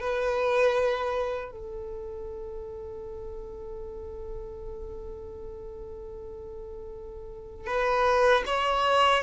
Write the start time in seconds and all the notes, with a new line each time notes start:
0.00 B4
1.51 A4
7.66 B4
8.46 C#5